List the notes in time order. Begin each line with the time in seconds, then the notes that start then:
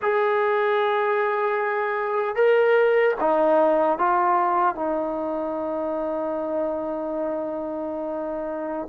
0.02 G#4
2.35 A#4
3.20 D#4
3.98 F4
4.75 D#4